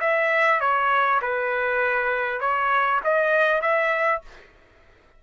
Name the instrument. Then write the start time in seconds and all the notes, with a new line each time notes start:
trumpet
0.00 E5
0.60 C#5
1.21 B4
2.40 C#5
3.04 D#5
3.61 E5